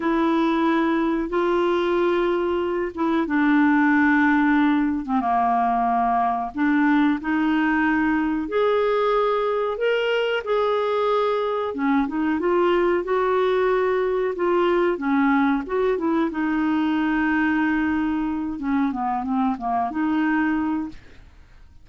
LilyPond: \new Staff \with { instrumentName = "clarinet" } { \time 4/4 \tempo 4 = 92 e'2 f'2~ | f'8 e'8 d'2~ d'8. c'16 | ais2 d'4 dis'4~ | dis'4 gis'2 ais'4 |
gis'2 cis'8 dis'8 f'4 | fis'2 f'4 cis'4 | fis'8 e'8 dis'2.~ | dis'8 cis'8 b8 c'8 ais8 dis'4. | }